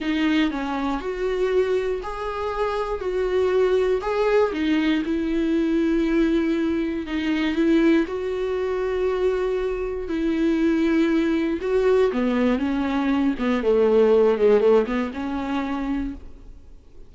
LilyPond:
\new Staff \with { instrumentName = "viola" } { \time 4/4 \tempo 4 = 119 dis'4 cis'4 fis'2 | gis'2 fis'2 | gis'4 dis'4 e'2~ | e'2 dis'4 e'4 |
fis'1 | e'2. fis'4 | b4 cis'4. b8 a4~ | a8 gis8 a8 b8 cis'2 | }